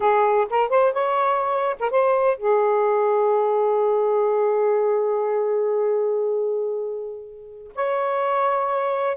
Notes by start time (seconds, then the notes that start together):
0.00 G#4
0.50 A#4
0.69 C5
0.92 C#5
1.79 A#4
1.90 C5
2.37 G#4
7.75 C#5